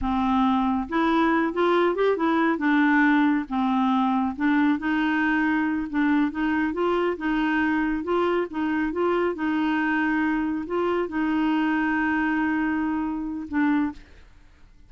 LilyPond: \new Staff \with { instrumentName = "clarinet" } { \time 4/4 \tempo 4 = 138 c'2 e'4. f'8~ | f'8 g'8 e'4 d'2 | c'2 d'4 dis'4~ | dis'4. d'4 dis'4 f'8~ |
f'8 dis'2 f'4 dis'8~ | dis'8 f'4 dis'2~ dis'8~ | dis'8 f'4 dis'2~ dis'8~ | dis'2. d'4 | }